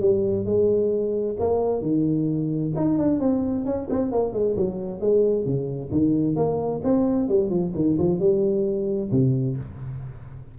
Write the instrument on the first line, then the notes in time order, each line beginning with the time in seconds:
tuba
0.00 G3
0.45 G#3
1.39 A#3
1.82 D#3
2.76 D#4
2.98 D4
3.20 C4
3.65 C#4
3.89 C4
4.12 A#3
4.33 G#3
4.56 F#3
5.00 G#3
5.45 C#3
5.91 D#3
6.36 A#3
6.84 C4
7.28 G3
7.50 F3
7.75 D#3
7.99 F3
8.19 G3
9.11 C3